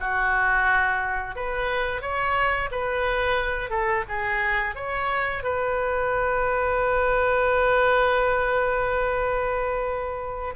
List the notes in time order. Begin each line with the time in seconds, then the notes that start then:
0.00 F#4
1.36 B4
2.01 C#5
2.71 B4
3.70 A4
4.08 G#4
4.75 C#5
5.43 B4